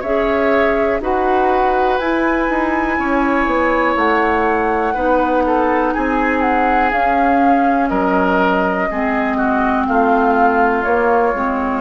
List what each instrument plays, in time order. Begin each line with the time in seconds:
0.00 bassoon C#4, clarinet G#4, oboe C#5, flute E5
1.00 bassoon D#4, clarinet F#4, oboe B4, flute F#5
1.98 bassoon E4, clarinet E4, flute G#5
2.49 bassoon D#4
2.99 bassoon C#4, oboe C#5
3.47 bassoon B3
3.96 bassoon A3, flute F#5
4.94 bassoon B3, clarinet D#4, oboe B4
5.46 oboe A4
5.94 bassoon C4, oboe G#4, flute G#5
6.41 flute F#5
6.91 bassoon C#4, clarinet C#4, flute F5
7.89 bassoon F#3, oboe A#4, flute D#5
8.91 bassoon G#3, clarinet C4, oboe G#4
9.37 oboe F#4
9.86 bassoon A3, oboe F4, flute F5
10.84 clarinet A#3, bassoon A#3, flute C#5
11.34 bassoon G#3, clarinet C4